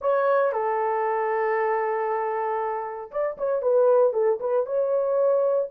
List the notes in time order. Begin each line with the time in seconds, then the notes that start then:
0.01 C#5
0.52 A4
3.11 D5
3.37 C#5
3.62 B4
4.13 A4
4.40 B4
4.66 C#5